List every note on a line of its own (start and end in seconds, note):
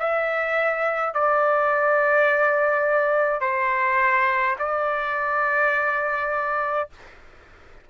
0.00 1.14 E5
1.14 3.41 D5
3.41 4.57 C5
4.59 6.90 D5